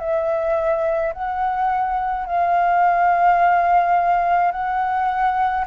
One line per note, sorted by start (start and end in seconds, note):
0.00 1.13 E5
1.14 2.26 F#5
2.26 4.52 F5
4.52 5.65 F#5